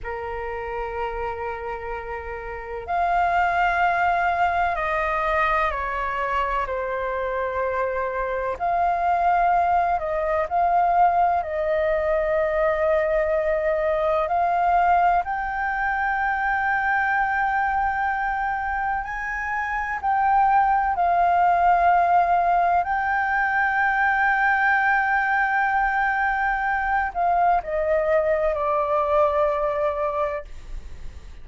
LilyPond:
\new Staff \with { instrumentName = "flute" } { \time 4/4 \tempo 4 = 63 ais'2. f''4~ | f''4 dis''4 cis''4 c''4~ | c''4 f''4. dis''8 f''4 | dis''2. f''4 |
g''1 | gis''4 g''4 f''2 | g''1~ | g''8 f''8 dis''4 d''2 | }